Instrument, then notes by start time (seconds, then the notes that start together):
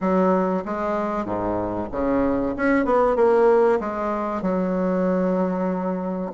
bassoon
0.00 F#3
0.65 G#3
1.25 G#2
1.91 C#3
2.56 C#4
2.84 B3
3.16 A#3
3.80 G#3
4.42 F#3